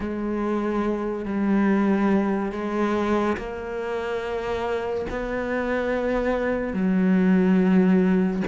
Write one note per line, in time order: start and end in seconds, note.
0.00 1.25 G#3
1.25 2.52 G3
2.52 3.36 G#3
3.36 5.06 A#3
5.09 6.73 B3
6.73 8.42 F#3